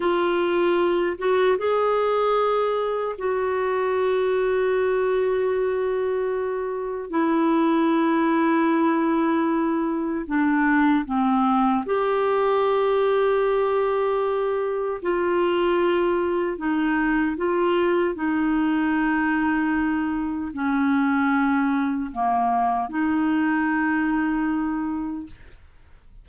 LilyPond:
\new Staff \with { instrumentName = "clarinet" } { \time 4/4 \tempo 4 = 76 f'4. fis'8 gis'2 | fis'1~ | fis'4 e'2.~ | e'4 d'4 c'4 g'4~ |
g'2. f'4~ | f'4 dis'4 f'4 dis'4~ | dis'2 cis'2 | ais4 dis'2. | }